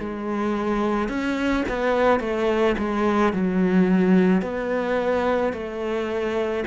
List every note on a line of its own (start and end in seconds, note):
0.00 1.09 G#3
1.09 1.64 C#4
1.69 2.20 B3
2.20 2.76 A3
2.78 3.33 G#3
3.33 4.42 F#3
4.42 5.53 B3
5.53 6.64 A3